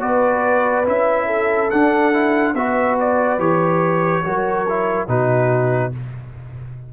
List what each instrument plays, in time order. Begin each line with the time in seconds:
0.00 tuba B3, trombone F#4, horn B4, trumpet D5
0.85 tuba C#4, trombone E4, trumpet E5
1.26 horn A4
1.70 tuba D4, trombone D4, trumpet F#5
2.13 trombone E4
2.55 tuba B3, trombone F#4, horn B4, trumpet E5
3.00 trumpet D5
3.39 tuba E3, trombone G4, trumpet C#5
4.24 tuba F#3, trombone F#4, horn A#4
4.69 trombone E4
5.08 tuba B2, trombone D#4, horn F#4, trumpet B4